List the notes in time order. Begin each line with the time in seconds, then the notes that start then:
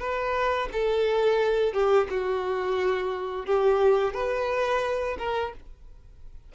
0.00 B4
0.73 A4
1.74 G4
2.10 F#4
3.46 G4
4.14 B4
5.18 A#4